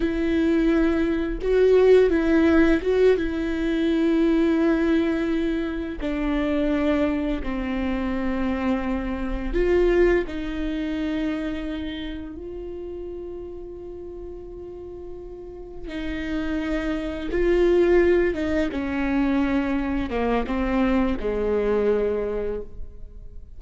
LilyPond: \new Staff \with { instrumentName = "viola" } { \time 4/4 \tempo 4 = 85 e'2 fis'4 e'4 | fis'8 e'2.~ e'8~ | e'8 d'2 c'4.~ | c'4. f'4 dis'4.~ |
dis'4. f'2~ f'8~ | f'2~ f'8 dis'4.~ | dis'8 f'4. dis'8 cis'4.~ | cis'8 ais8 c'4 gis2 | }